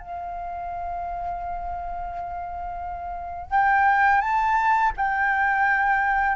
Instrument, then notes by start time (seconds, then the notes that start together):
flute
0.00 F5
3.51 G5
4.21 A5
4.97 G5